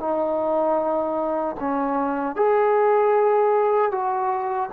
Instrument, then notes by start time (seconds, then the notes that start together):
trombone
0.00 D#4
1.60 C#4
2.36 G#4
3.92 F#4